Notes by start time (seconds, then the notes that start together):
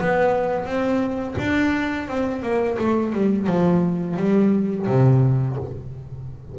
0.00 B3
0.65 C4
1.38 D4
2.08 C4
2.43 A#3
2.78 A3
3.13 G3
3.47 F3
4.17 G3
4.87 C3